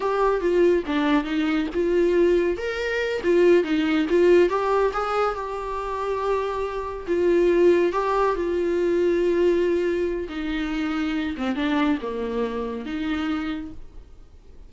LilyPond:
\new Staff \with { instrumentName = "viola" } { \time 4/4 \tempo 4 = 140 g'4 f'4 d'4 dis'4 | f'2 ais'4. f'8~ | f'8 dis'4 f'4 g'4 gis'8~ | gis'8 g'2.~ g'8~ |
g'8 f'2 g'4 f'8~ | f'1 | dis'2~ dis'8 c'8 d'4 | ais2 dis'2 | }